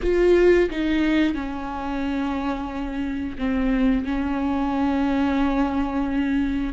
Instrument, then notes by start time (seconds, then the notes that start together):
viola
0.02 F4
0.70 D#4
1.34 C#4
3.37 C4
4.04 C#4